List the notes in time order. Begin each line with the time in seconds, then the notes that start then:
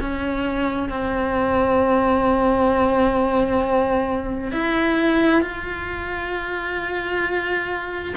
0.00 C#4
0.88 C4
4.51 E4
5.41 F4